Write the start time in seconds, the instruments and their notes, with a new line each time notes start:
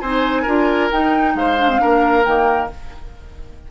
0.00 bassoon C4, clarinet D#4, oboe C5, flute G#5
0.42 bassoon D4, clarinet F4, oboe A#4
0.91 bassoon D#4, clarinet D#4, flute G5
1.34 bassoon G#3, oboe C5, flute F5
1.58 clarinet D4
1.69 clarinet C4
1.78 bassoon A#3, clarinet D4, oboe A#4
2.24 bassoon D#3, clarinet A#3, flute G5